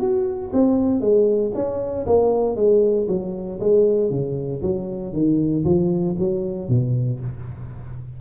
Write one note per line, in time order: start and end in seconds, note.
0.00 0.51 F#4
0.53 1.00 C4
1.00 1.52 G#3
1.55 2.06 C#4
2.06 2.56 A#3
2.56 3.07 G#3
3.08 3.59 F#3
3.60 4.10 G#3
4.10 4.61 C#3
4.62 5.13 F#3
5.13 5.64 D#3
5.65 6.16 F3
6.19 6.69 F#3
6.69 7.20 B2